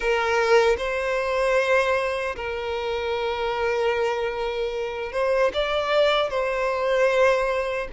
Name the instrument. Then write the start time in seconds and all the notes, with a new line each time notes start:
violin
0.00 A#4
0.77 C5
2.35 A#4
5.12 C5
5.53 D5
6.30 C5